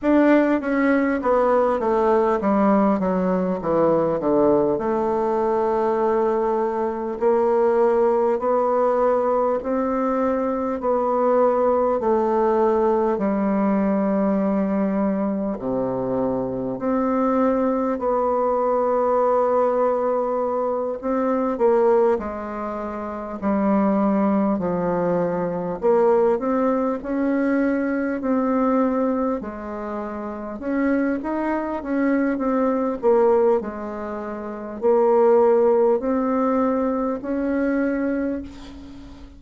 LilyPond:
\new Staff \with { instrumentName = "bassoon" } { \time 4/4 \tempo 4 = 50 d'8 cis'8 b8 a8 g8 fis8 e8 d8 | a2 ais4 b4 | c'4 b4 a4 g4~ | g4 c4 c'4 b4~ |
b4. c'8 ais8 gis4 g8~ | g8 f4 ais8 c'8 cis'4 c'8~ | c'8 gis4 cis'8 dis'8 cis'8 c'8 ais8 | gis4 ais4 c'4 cis'4 | }